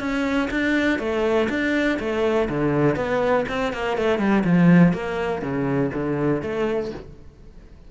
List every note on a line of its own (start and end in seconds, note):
0.00 0.49 C#4
0.51 0.99 D4
0.99 1.48 A3
1.50 1.99 D4
2.00 2.49 A3
2.49 2.96 D3
2.96 3.45 B3
3.49 3.73 C4
3.73 3.97 A#3
3.97 4.19 A3
4.19 4.44 G3
4.44 4.93 F3
4.93 5.42 A#3
5.42 5.92 C#3
5.94 6.42 D3
6.42 6.91 A3